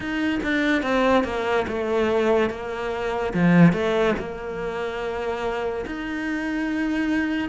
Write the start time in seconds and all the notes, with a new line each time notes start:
0.00 D#4
0.43 D4
0.82 C4
1.24 A#3
1.67 A3
2.50 A#3
3.33 F3
3.72 A3
4.18 A#3
5.85 D#4